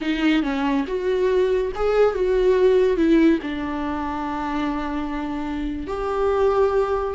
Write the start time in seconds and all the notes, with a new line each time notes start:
0.01 D#4
0.43 C#4
0.87 F#4
1.75 G#4
2.14 F#4
2.96 E4
3.42 D4
5.87 G4